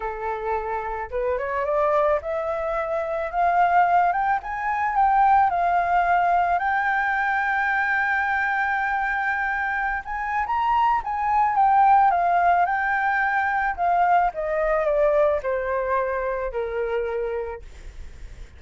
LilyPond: \new Staff \with { instrumentName = "flute" } { \time 4/4 \tempo 4 = 109 a'2 b'8 cis''8 d''4 | e''2 f''4. g''8 | gis''4 g''4 f''2 | g''1~ |
g''2~ g''16 gis''8. ais''4 | gis''4 g''4 f''4 g''4~ | g''4 f''4 dis''4 d''4 | c''2 ais'2 | }